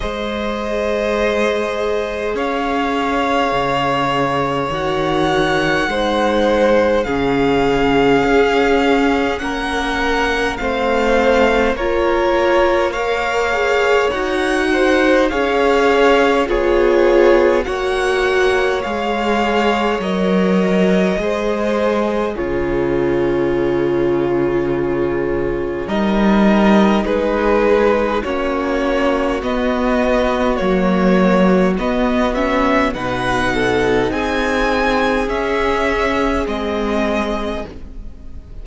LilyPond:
<<
  \new Staff \with { instrumentName = "violin" } { \time 4/4 \tempo 4 = 51 dis''2 f''2 | fis''2 f''2 | fis''4 f''4 cis''4 f''4 | fis''4 f''4 cis''4 fis''4 |
f''4 dis''2 cis''4~ | cis''2 dis''4 b'4 | cis''4 dis''4 cis''4 dis''8 e''8 | fis''4 gis''4 e''4 dis''4 | }
  \new Staff \with { instrumentName = "violin" } { \time 4/4 c''2 cis''2~ | cis''4 c''4 gis'2 | ais'4 c''4 ais'4 cis''4~ | cis''8 c''8 cis''4 gis'4 cis''4~ |
cis''2 c''4 gis'4~ | gis'2 ais'4 gis'4 | fis'1 | b'8 a'8 gis'2. | }
  \new Staff \with { instrumentName = "viola" } { \time 4/4 gis'1 | fis'4 dis'4 cis'2~ | cis'4 c'4 f'4 ais'8 gis'8 | fis'4 gis'4 f'4 fis'4 |
gis'4 ais'4 gis'4 f'4~ | f'2 dis'2 | cis'4 b4 ais4 b8 cis'8 | dis'2 cis'4 c'4 | }
  \new Staff \with { instrumentName = "cello" } { \time 4/4 gis2 cis'4 cis4 | dis4 gis4 cis4 cis'4 | ais4 a4 ais2 | dis'4 cis'4 b4 ais4 |
gis4 fis4 gis4 cis4~ | cis2 g4 gis4 | ais4 b4 fis4 b4 | b,4 c'4 cis'4 gis4 | }
>>